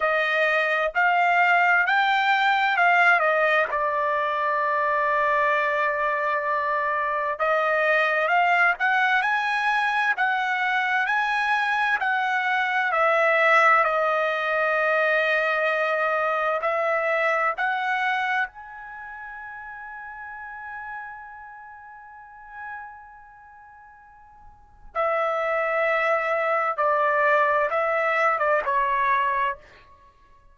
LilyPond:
\new Staff \with { instrumentName = "trumpet" } { \time 4/4 \tempo 4 = 65 dis''4 f''4 g''4 f''8 dis''8 | d''1 | dis''4 f''8 fis''8 gis''4 fis''4 | gis''4 fis''4 e''4 dis''4~ |
dis''2 e''4 fis''4 | gis''1~ | gis''2. e''4~ | e''4 d''4 e''8. d''16 cis''4 | }